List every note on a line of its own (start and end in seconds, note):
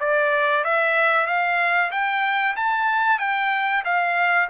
0.00 0.65 D5
0.65 1.27 E5
1.27 1.91 F5
1.91 2.56 G5
2.56 3.19 A5
3.19 3.84 G5
3.85 4.49 F5